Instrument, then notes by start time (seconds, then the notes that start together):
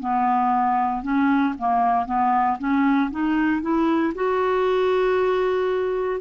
clarinet
0.00 B3
1.02 C#4
1.58 A#3
2.05 B3
2.59 C#4
3.10 D#4
3.62 E4
4.15 F#4